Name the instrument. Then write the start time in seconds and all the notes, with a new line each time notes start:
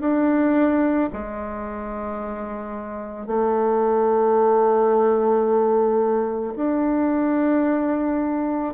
bassoon
0.00 D4
1.13 G#3
3.27 A3
6.56 D4